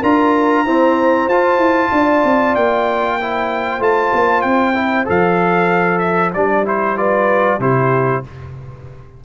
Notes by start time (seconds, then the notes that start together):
0.00 D4 F4 A#4 A#5
0.66 C4 E4 C5
1.28 F4 A5
1.58 E4
1.92 D4 D5
2.25 C4
2.56 A#3 G5
3.20 E4 C5
3.80 A3 F4 A5
4.13 A#3
4.42 C4 G5
4.74 E4
5.06 F3 A4 F5
5.99 E5
6.34 G3 D4 D5
6.65 E4 C5
6.97 F4 B4 D5
7.60 C3 E4 G4 C5